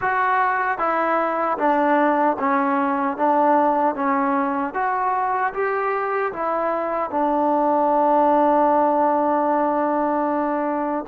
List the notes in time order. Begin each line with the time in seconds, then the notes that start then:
0.01 F#4
0.78 E4
1.58 D4
2.39 C#4
3.17 D4
3.95 C#4
4.74 F#4
5.53 G4
6.33 E4
7.10 D4